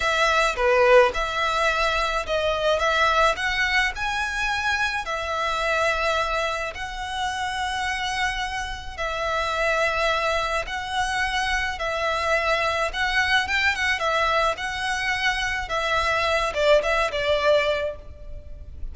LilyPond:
\new Staff \with { instrumentName = "violin" } { \time 4/4 \tempo 4 = 107 e''4 b'4 e''2 | dis''4 e''4 fis''4 gis''4~ | gis''4 e''2. | fis''1 |
e''2. fis''4~ | fis''4 e''2 fis''4 | g''8 fis''8 e''4 fis''2 | e''4. d''8 e''8 d''4. | }